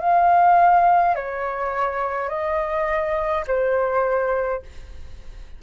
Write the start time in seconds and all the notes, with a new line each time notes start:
0.00 F5
1.15 C#5
2.29 D#5
3.47 C5